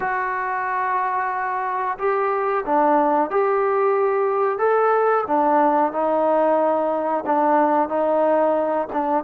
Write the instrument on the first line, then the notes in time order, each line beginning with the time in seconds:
trombone
0.00 F#4
1.98 G4
2.65 D4
3.30 G4
4.58 A4
5.27 D4
5.92 D#4
7.25 D4
7.89 D#4
8.92 D4